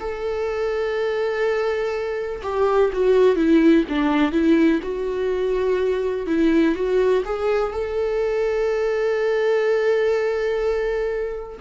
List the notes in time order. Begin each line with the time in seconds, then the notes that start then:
0.00 A4
2.43 G4
2.93 F#4
3.36 E4
3.89 D4
4.32 E4
4.83 F#4
6.27 E4
6.76 F#4
7.25 G#4
7.72 A4